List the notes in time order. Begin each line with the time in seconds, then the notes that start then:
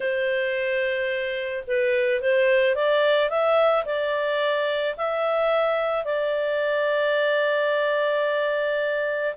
0.00 C5
1.67 B4
2.21 C5
2.75 D5
3.29 E5
3.85 D5
4.97 E5
6.05 D5